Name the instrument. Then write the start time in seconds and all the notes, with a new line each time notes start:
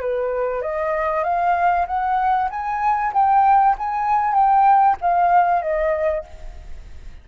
flute
0.00 B4
0.62 D#5
1.24 F5
1.87 F#5
2.50 G#5
3.13 G5
3.78 G#5
4.34 G5
5.01 F5
5.62 D#5